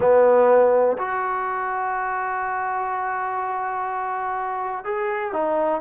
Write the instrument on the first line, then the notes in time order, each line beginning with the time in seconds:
trombone
0.00 B3
0.98 F#4
4.84 G#4
5.32 D#4